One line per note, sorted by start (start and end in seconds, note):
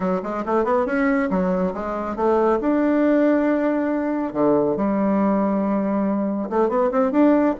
0.00 0.21 F#3
0.23 0.44 G#3
0.45 0.64 A3
0.64 0.86 B3
0.86 1.29 C#4
1.29 1.73 F#3
1.73 2.16 G#3
2.16 2.59 A3
2.60 4.33 D4
4.33 4.76 D3
4.76 6.49 G3
6.49 6.68 A3
6.68 6.90 B3
6.91 7.11 C4
7.11 7.54 D4